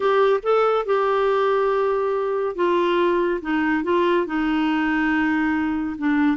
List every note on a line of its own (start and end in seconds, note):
0.00 0.40 G4
0.43 0.85 A4
0.85 2.55 G4
2.55 3.40 F4
3.41 3.83 D#4
3.83 4.26 F4
4.26 5.96 D#4
5.98 6.37 D4